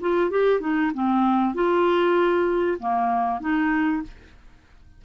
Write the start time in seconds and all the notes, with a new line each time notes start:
0.00 F4
0.30 G4
0.60 D#4
0.94 C4
1.54 F4
2.79 A#3
3.40 D#4